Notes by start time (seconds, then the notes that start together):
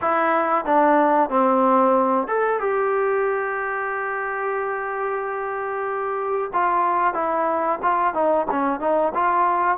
0.01 E4
0.65 D4
1.29 C4
2.27 A4
2.59 G4
6.53 F4
7.14 E4
7.82 F4
8.13 D#4
8.50 C#4
8.80 D#4
9.14 F4